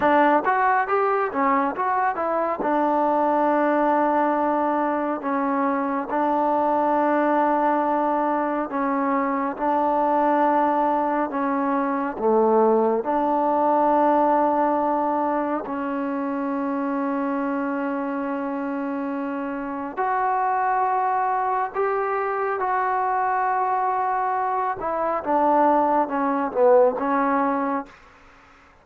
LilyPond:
\new Staff \with { instrumentName = "trombone" } { \time 4/4 \tempo 4 = 69 d'8 fis'8 g'8 cis'8 fis'8 e'8 d'4~ | d'2 cis'4 d'4~ | d'2 cis'4 d'4~ | d'4 cis'4 a4 d'4~ |
d'2 cis'2~ | cis'2. fis'4~ | fis'4 g'4 fis'2~ | fis'8 e'8 d'4 cis'8 b8 cis'4 | }